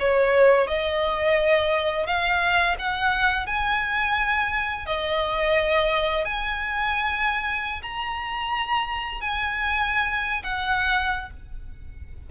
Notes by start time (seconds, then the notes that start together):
0.00 C#5
0.67 D#5
2.07 F5
2.79 F#5
3.47 G#5
4.86 D#5
6.25 G#5
7.82 A#5
9.21 G#5
10.43 F#5